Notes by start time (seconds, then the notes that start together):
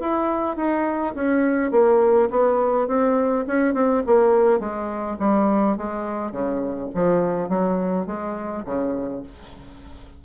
0.00 E4
0.57 D#4
1.15 C#4
1.71 A#3
2.30 B3
2.87 C4
3.47 C#4
3.74 C4
4.06 A#3
4.59 G#3
5.19 G3
5.77 G#3
6.32 C#3
6.94 F3
7.49 F#3
8.06 G#3
8.65 C#3